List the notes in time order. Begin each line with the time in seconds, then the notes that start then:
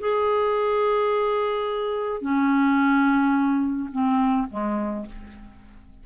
0.00 G#4
2.22 C#4
3.92 C4
4.50 G#3